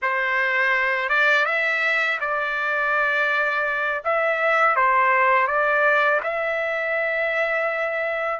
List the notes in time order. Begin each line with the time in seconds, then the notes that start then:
0.02 C5
1.09 D5
1.45 E5
2.20 D5
4.04 E5
4.76 C5
5.47 D5
6.23 E5